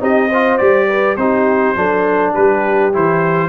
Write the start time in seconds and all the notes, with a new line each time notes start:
0.00 C4 D#4 G4 D#5
0.29 F4 C5
0.58 G3 G4 D5
0.87 B4
1.16 C4 D#4 G4 C5
1.76 F#3 D4 A4
2.32 G3 G4 B4
2.93 E3 E4 C5